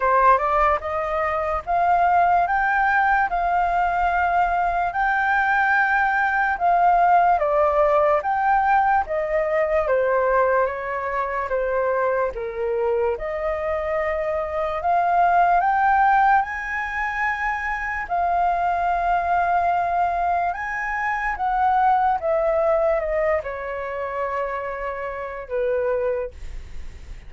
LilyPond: \new Staff \with { instrumentName = "flute" } { \time 4/4 \tempo 4 = 73 c''8 d''8 dis''4 f''4 g''4 | f''2 g''2 | f''4 d''4 g''4 dis''4 | c''4 cis''4 c''4 ais'4 |
dis''2 f''4 g''4 | gis''2 f''2~ | f''4 gis''4 fis''4 e''4 | dis''8 cis''2~ cis''8 b'4 | }